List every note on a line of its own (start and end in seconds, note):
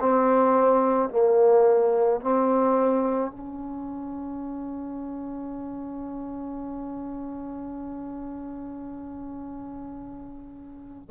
0.00 1.10 C4
1.10 2.21 A#3
2.21 3.31 C4
3.31 11.09 C#4